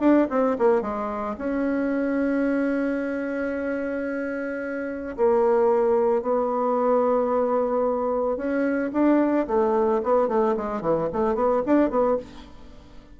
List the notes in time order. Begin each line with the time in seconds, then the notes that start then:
0.00 D4
0.30 C4
0.58 A#3
0.81 G#3
1.38 C#4
5.16 A#3
6.22 B3
8.37 C#4
8.92 D4
9.47 A3
10.03 B3
10.28 A3
10.57 G#3
10.81 E3
11.13 A3
11.35 B3
11.66 D4
11.90 B3